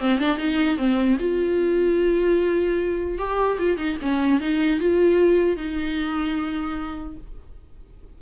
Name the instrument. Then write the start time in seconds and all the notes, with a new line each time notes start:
viola
0.00 C4
0.19 D4
0.38 D#4
0.77 C4
1.20 F4
3.18 G4
3.59 F4
3.78 D#4
4.02 C#4
4.41 D#4
4.80 F4
5.57 D#4